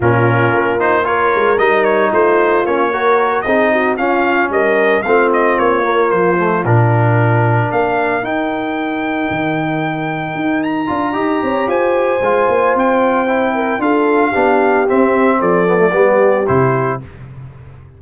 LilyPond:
<<
  \new Staff \with { instrumentName = "trumpet" } { \time 4/4 \tempo 4 = 113 ais'4. c''8 cis''4 dis''8 cis''8 | c''4 cis''4. dis''4 f''8~ | f''8 dis''4 f''8 dis''8 cis''4 c''8~ | c''8 ais'2 f''4 g''8~ |
g''1 | ais''2 gis''2 | g''2 f''2 | e''4 d''2 c''4 | }
  \new Staff \with { instrumentName = "horn" } { \time 4/4 f'2 ais'2 | f'4. ais'4 gis'8 fis'8 f'8~ | f'8 ais'4 f'2~ f'8~ | f'2~ f'8 ais'4.~ |
ais'1~ | ais'4 dis''8 cis''8 c''2~ | c''4. ais'8 a'4 g'4~ | g'4 a'4 g'2 | }
  \new Staff \with { instrumentName = "trombone" } { \time 4/4 cis'4. dis'8 f'4 dis'4~ | dis'4 cis'8 fis'4 dis'4 cis'8~ | cis'4. c'4. ais4 | a8 d'2. dis'8~ |
dis'1~ | dis'8 f'8 g'2 f'4~ | f'4 e'4 f'4 d'4 | c'4. b16 a16 b4 e'4 | }
  \new Staff \with { instrumentName = "tuba" } { \time 4/4 ais,4 ais4. gis8 g4 | a4 ais4. c'4 cis'8~ | cis'8 g4 a4 ais4 f8~ | f8 ais,2 ais4 dis'8~ |
dis'4. dis2 dis'8~ | dis'8 d'8 dis'8 c'8 f'4 gis8 ais8 | c'2 d'4 b4 | c'4 f4 g4 c4 | }
>>